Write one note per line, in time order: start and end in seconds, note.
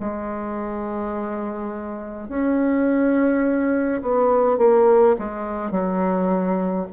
0.00 2.28 G#3
2.28 4.01 C#4
4.02 4.58 B3
4.58 5.16 A#3
5.19 5.71 G#3
5.71 6.87 F#3